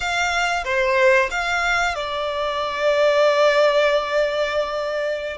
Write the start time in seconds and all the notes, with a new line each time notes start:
0.00 F5
0.64 C5
1.30 F5
1.95 D5